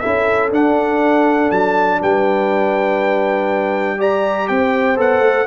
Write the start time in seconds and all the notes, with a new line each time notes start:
0.00 C#4 E4 A4 E5
0.51 D4 F#5
1.52 F#3 A5
2.02 G3 B4 G5
3.98 G4 D5 A#5
4.48 C4 C5 G5
4.96 B3 A4 F#5
5.21 A3